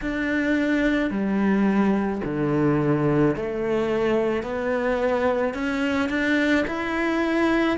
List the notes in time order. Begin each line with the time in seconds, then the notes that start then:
0.02 D4
1.10 G3
2.24 D3
3.35 A3
4.42 B3
5.54 C#4
6.09 D4
6.67 E4